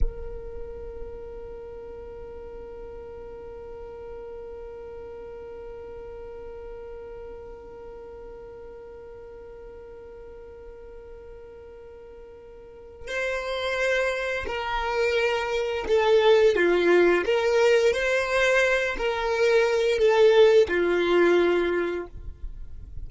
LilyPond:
\new Staff \with { instrumentName = "violin" } { \time 4/4 \tempo 4 = 87 ais'1~ | ais'1~ | ais'1~ | ais'1~ |
ais'2. c''4~ | c''4 ais'2 a'4 | f'4 ais'4 c''4. ais'8~ | ais'4 a'4 f'2 | }